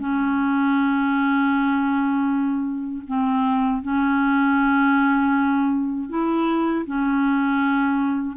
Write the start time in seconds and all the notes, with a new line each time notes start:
0.00 C#4
3.08 C4
3.83 C#4
6.10 E4
6.86 C#4